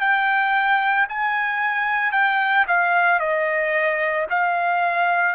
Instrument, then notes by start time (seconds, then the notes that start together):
trumpet
0.00 G5
1.09 G#5
2.12 G5
2.67 F5
3.19 D#5
4.30 F5